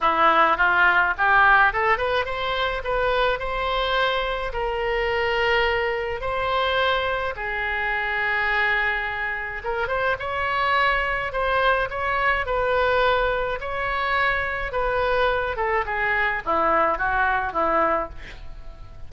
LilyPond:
\new Staff \with { instrumentName = "oboe" } { \time 4/4 \tempo 4 = 106 e'4 f'4 g'4 a'8 b'8 | c''4 b'4 c''2 | ais'2. c''4~ | c''4 gis'2.~ |
gis'4 ais'8 c''8 cis''2 | c''4 cis''4 b'2 | cis''2 b'4. a'8 | gis'4 e'4 fis'4 e'4 | }